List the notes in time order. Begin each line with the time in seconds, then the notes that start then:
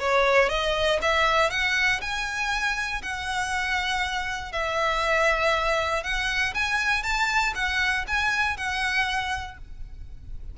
0.00 C#5
0.49 D#5
1.02 E5
1.50 F#5
2.01 G#5
3.03 F#5
4.52 E5
6.04 F#5
6.54 G#5
7.03 A5
7.55 F#5
8.07 G#5
8.57 F#5